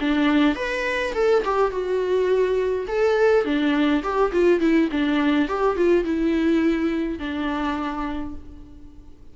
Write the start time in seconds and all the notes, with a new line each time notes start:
0.00 D4
0.55 B4
1.14 A4
1.44 G4
1.70 F#4
2.88 A4
3.45 D4
4.03 G4
4.32 F4
4.60 E4
4.91 D4
5.48 G4
5.76 F4
6.04 E4
7.19 D4